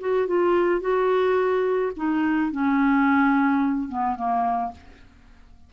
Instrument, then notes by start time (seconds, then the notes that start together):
clarinet
0.00 F#4
0.27 F4
0.81 F#4
1.97 D#4
2.52 C#4
3.89 B3
4.16 A#3